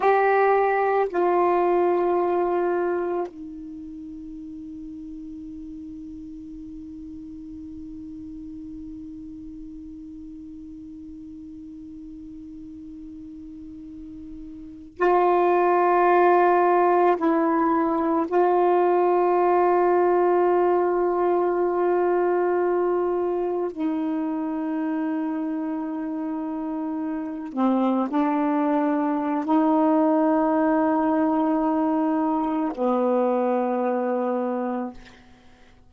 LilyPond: \new Staff \with { instrumentName = "saxophone" } { \time 4/4 \tempo 4 = 55 g'4 f'2 dis'4~ | dis'1~ | dis'1~ | dis'4.~ dis'16 f'2 e'16~ |
e'8. f'2.~ f'16~ | f'4.~ f'16 dis'2~ dis'16~ | dis'4~ dis'16 c'8 d'4~ d'16 dis'4~ | dis'2 b2 | }